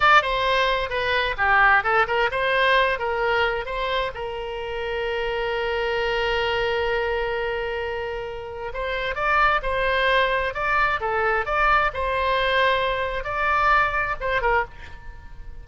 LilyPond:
\new Staff \with { instrumentName = "oboe" } { \time 4/4 \tempo 4 = 131 d''8 c''4. b'4 g'4 | a'8 ais'8 c''4. ais'4. | c''4 ais'2.~ | ais'1~ |
ais'2. c''4 | d''4 c''2 d''4 | a'4 d''4 c''2~ | c''4 d''2 c''8 ais'8 | }